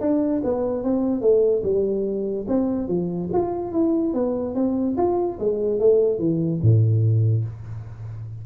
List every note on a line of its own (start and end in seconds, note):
0.00 0.41 D4
0.43 0.84 B3
0.84 1.21 C4
1.21 1.62 A3
1.63 2.46 G3
2.48 2.88 C4
2.88 3.29 F3
3.33 3.72 F4
3.72 4.13 E4
4.13 4.55 B3
4.55 4.96 C4
4.97 5.38 F4
5.39 5.79 G#3
5.79 6.19 A3
6.19 6.60 E3
6.62 7.44 A2